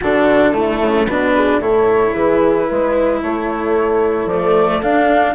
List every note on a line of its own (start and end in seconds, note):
0.01 0.81 D3
0.01 0.54 D4
0.01 0.53 F#4
0.01 1.06 A4
0.53 1.07 A3
0.53 1.06 E4
0.81 1.08 C#3
1.06 1.58 B2
1.06 1.61 D4
1.06 1.34 F#4
1.06 1.59 B4
1.34 1.60 G#4
1.58 2.11 A2
1.58 4.29 E4
1.58 2.13 A4
1.58 2.13 C#5
2.13 2.67 E3
2.13 2.66 G#4
2.13 3.20 B4
2.66 3.22 G#3
2.66 3.20 B4
3.22 4.25 A3
3.22 5.35 A4
3.22 4.28 C#5
4.25 4.79 F3
4.25 4.81 D5
4.31 4.82 A3
4.82 5.35 D4
4.82 5.35 F5